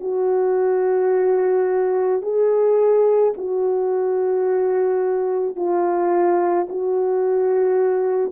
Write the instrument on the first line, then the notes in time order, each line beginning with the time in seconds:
horn
0.00 F#4
2.22 G#4
3.37 F#4
5.56 F4
6.69 F#4